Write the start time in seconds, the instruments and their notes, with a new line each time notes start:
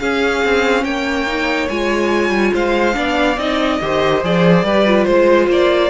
0.00 viola C#4, cello C#4, violin G#4 F5
0.45 cello C4
0.85 cello A#3, violin C#5 G5
1.27 viola D#4
1.70 cello G#3, viola F4, violin G#5
2.31 cello G3
2.54 cello G#3, violin C5 F5
2.94 cello B3, viola D4, violin D5
3.38 cello C4, viola D#4, violin D#5
3.82 cello D#3, viola G4, violin C5
4.24 cello F3, viola G#4, violin D5
4.64 cello G3, viola G4, violin B4
4.87 viola F4
5.05 cello G#3, violin C5
5.49 cello A#3, violin D5